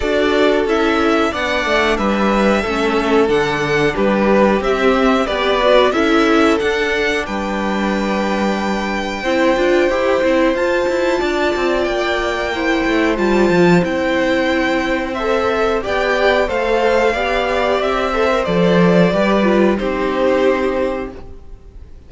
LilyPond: <<
  \new Staff \with { instrumentName = "violin" } { \time 4/4 \tempo 4 = 91 d''4 e''4 fis''4 e''4~ | e''4 fis''4 b'4 e''4 | d''4 e''4 fis''4 g''4~ | g''1 |
a''2 g''2 | a''4 g''2 e''4 | g''4 f''2 e''4 | d''2 c''2 | }
  \new Staff \with { instrumentName = "violin" } { \time 4/4 a'2 d''4 b'4 | a'2 g'2 | b'4 a'2 b'4~ | b'2 c''2~ |
c''4 d''2 c''4~ | c''1 | d''4 c''4 d''4. c''8~ | c''4 b'4 g'2 | }
  \new Staff \with { instrumentName = "viola" } { \time 4/4 fis'4 e'4 d'2 | cis'4 d'2 c'4 | g'8 fis'8 e'4 d'2~ | d'2 e'8 f'8 g'8 e'8 |
f'2. e'4 | f'4 e'2 a'4 | g'4 a'4 g'4. a'16 ais'16 | a'4 g'8 f'8 dis'2 | }
  \new Staff \with { instrumentName = "cello" } { \time 4/4 d'4 cis'4 b8 a8 g4 | a4 d4 g4 c'4 | b4 cis'4 d'4 g4~ | g2 c'8 d'8 e'8 c'8 |
f'8 e'8 d'8 c'8 ais4. a8 | g8 f8 c'2. | b4 a4 b4 c'4 | f4 g4 c'2 | }
>>